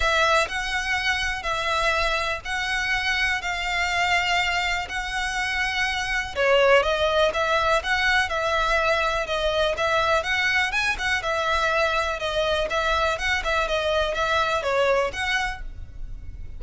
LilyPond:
\new Staff \with { instrumentName = "violin" } { \time 4/4 \tempo 4 = 123 e''4 fis''2 e''4~ | e''4 fis''2 f''4~ | f''2 fis''2~ | fis''4 cis''4 dis''4 e''4 |
fis''4 e''2 dis''4 | e''4 fis''4 gis''8 fis''8 e''4~ | e''4 dis''4 e''4 fis''8 e''8 | dis''4 e''4 cis''4 fis''4 | }